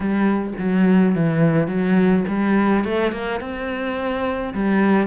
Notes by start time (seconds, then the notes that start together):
0.00 G3
0.58 F#3
1.15 E3
1.67 F#3
2.27 G3
2.84 A3
3.12 A#3
3.40 C4
4.54 G3